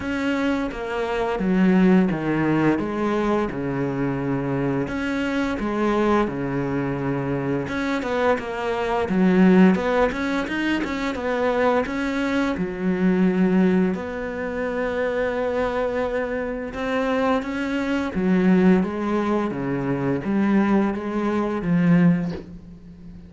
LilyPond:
\new Staff \with { instrumentName = "cello" } { \time 4/4 \tempo 4 = 86 cis'4 ais4 fis4 dis4 | gis4 cis2 cis'4 | gis4 cis2 cis'8 b8 | ais4 fis4 b8 cis'8 dis'8 cis'8 |
b4 cis'4 fis2 | b1 | c'4 cis'4 fis4 gis4 | cis4 g4 gis4 f4 | }